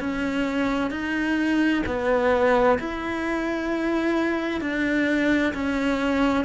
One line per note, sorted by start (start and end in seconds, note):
0.00 0.91 C#4
0.91 1.83 D#4
1.86 2.79 B3
2.79 4.61 E4
4.61 5.53 D4
5.54 6.44 C#4